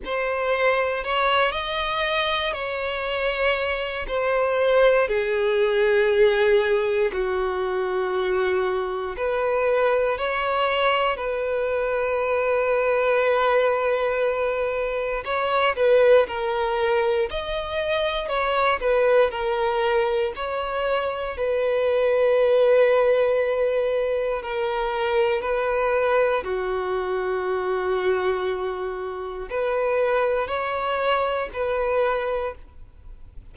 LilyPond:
\new Staff \with { instrumentName = "violin" } { \time 4/4 \tempo 4 = 59 c''4 cis''8 dis''4 cis''4. | c''4 gis'2 fis'4~ | fis'4 b'4 cis''4 b'4~ | b'2. cis''8 b'8 |
ais'4 dis''4 cis''8 b'8 ais'4 | cis''4 b'2. | ais'4 b'4 fis'2~ | fis'4 b'4 cis''4 b'4 | }